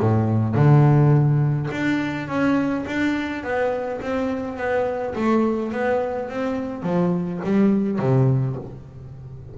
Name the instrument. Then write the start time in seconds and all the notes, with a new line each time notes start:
double bass
0.00 A2
0.55 D3
1.71 D4
2.28 C#4
2.86 D4
3.44 B3
4.02 C4
4.57 B3
5.15 A3
5.72 B3
6.30 C4
6.83 F3
7.44 G3
7.99 C3